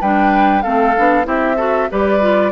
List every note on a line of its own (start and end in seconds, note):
0.00 0.64 G3
0.00 0.63 D4
0.00 0.63 B4
0.00 0.62 G5
0.62 0.97 A3
0.62 0.95 C4
0.62 1.26 A4
0.62 1.25 F5
0.97 1.26 B3
0.97 1.24 D4
1.24 1.89 C4
1.24 1.55 E4
1.24 1.56 G4
1.24 1.91 E5
1.56 1.89 F#4
1.56 1.87 A4
1.90 2.51 G3
1.90 2.20 G4
1.90 2.51 B4
1.90 2.51 D5
2.20 2.51 F4